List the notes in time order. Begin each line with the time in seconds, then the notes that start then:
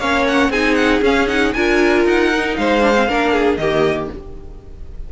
0.00 A#3 C#4 C#5 F5
0.28 F#5
0.50 C4 D#4 G#4 G#5
0.75 F#5
1.02 C#4 F5
1.28 D#4 F#5
1.54 D4 F4 A#4 G#5
2.06 D#4 F#5
2.34 D#4
2.56 G#3 C5 F5
2.82 D4
2.95 C4
3.09 A#3 D4 A#4
3.34 G#4
3.57 D#3 A#3 G4 D#5